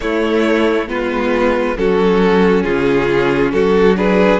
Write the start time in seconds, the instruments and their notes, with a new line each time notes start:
0.00 viola A3, cello A3, violin E4 C#5
0.88 cello G#3, viola B3, violin F4 B4
1.77 cello F#3, viola C#4, violin F#4 A4
2.63 cello C#3, violin F4 G#4
3.51 cello F#3, violin F#4 A4
3.96 viola D4, violin G#4 B4